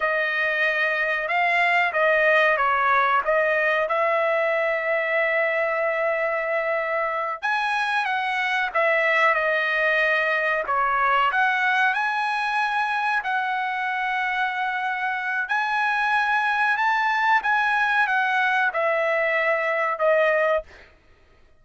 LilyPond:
\new Staff \with { instrumentName = "trumpet" } { \time 4/4 \tempo 4 = 93 dis''2 f''4 dis''4 | cis''4 dis''4 e''2~ | e''2.~ e''8 gis''8~ | gis''8 fis''4 e''4 dis''4.~ |
dis''8 cis''4 fis''4 gis''4.~ | gis''8 fis''2.~ fis''8 | gis''2 a''4 gis''4 | fis''4 e''2 dis''4 | }